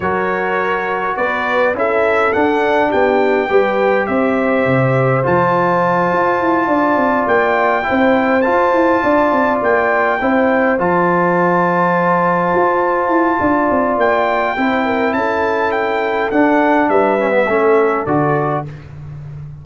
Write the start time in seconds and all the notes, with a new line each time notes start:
0.00 F#3 F#4 A#4 C#5
1.16 B3 B4 D5
1.73 C#4 E4 A4 E5
2.33 D4 F#5
2.89 B3 G4 G5
3.49 G3 G4 B4
4.06 C4 C5 E5
4.66 C3
5.23 F3 F4 A5
6.12 F4
6.41 E4
6.67 D4 D5
6.96 C4
7.27 A#3 G5
7.83 E4 C5
7.90 C4
8.41 F4 A5
8.73 E4
9.02 D4 D5
9.32 C4
9.62 A#3 G5
10.19 C4 E4 C5
10.78 F3 F4 A5
12.54 F4
13.08 E4
13.40 D4 D5
13.70 C4
13.97 A#3 G5
14.57 C4 E4 C5
14.85 A#4
15.13 C#4 A4 A5
15.71 G5
16.30 D4 F#5
16.89 G3 B4 E5
17.19 C#4
17.30 B3
17.46 A3 C#4 A4
18.06 D3 F#4 D5